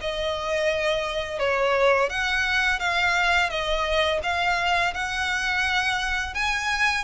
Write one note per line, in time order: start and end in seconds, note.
0.00 1.39 D#5
1.39 2.09 C#5
2.09 2.79 F#5
2.79 3.49 F5
3.49 4.20 D#5
4.23 4.93 F5
4.93 6.34 F#5
6.34 7.04 G#5